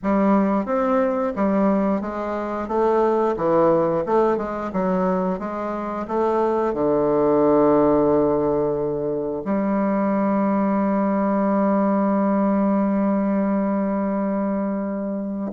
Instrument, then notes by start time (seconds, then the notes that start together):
bassoon
0.02 G3
0.65 C4
1.35 G3
2.01 G#3
2.68 A3
3.36 E3
4.06 A3
4.37 G#3
4.73 F#3
5.39 G#3
6.07 A3
6.73 D3
9.44 G3